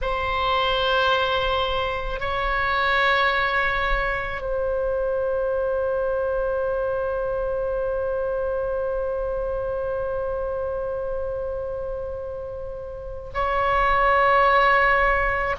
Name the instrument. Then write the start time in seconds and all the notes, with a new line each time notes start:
oboe
0.01 C5
2.20 C#5
4.41 C5
13.33 C#5